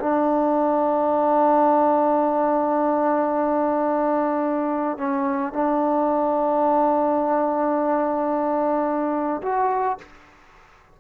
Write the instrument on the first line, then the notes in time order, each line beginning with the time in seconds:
trombone
0.00 D4
4.98 C#4
5.53 D4
9.42 F#4